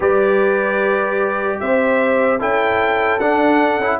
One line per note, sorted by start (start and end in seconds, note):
0.00 1.59 G3
0.00 2.39 G4
0.00 1.59 B4
0.00 1.60 D5
1.60 2.41 C4
1.60 2.39 C5
1.60 2.40 E5
2.39 3.19 C#4
2.39 3.19 E4
2.39 3.99 A4
2.39 3.19 G5
3.19 3.78 D4
3.19 3.81 D4
3.19 3.99 F#5
3.78 3.98 C#4
3.78 4.00 E4